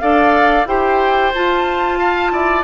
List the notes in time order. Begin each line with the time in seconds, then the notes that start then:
0.00 D4 A4 D5 F5
0.66 E4 G4 C5 G5
1.34 F4 A5
1.99 F5
2.32 E4 D5